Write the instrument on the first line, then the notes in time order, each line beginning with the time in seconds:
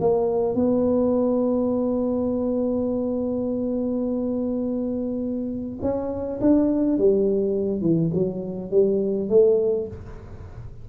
tuba
0.00 A#3
0.55 B3
5.81 C#4
6.41 D4
6.98 G3
7.81 E3
8.14 F#3
8.71 G3
9.29 A3